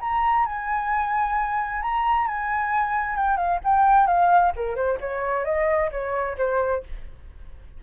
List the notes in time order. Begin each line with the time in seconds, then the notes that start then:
0.00 A#5
0.45 G#5
1.82 A#5
2.27 G#5
3.16 G5
3.36 F5
3.63 G5
4.06 F5
4.56 A#4
4.75 C5
5.00 C#5
5.44 D#5
5.91 C#5
6.37 C5